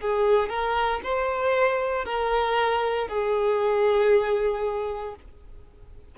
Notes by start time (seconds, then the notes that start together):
0.00 G#4
0.48 A#4
1.03 C5
2.05 A#4
3.08 G#4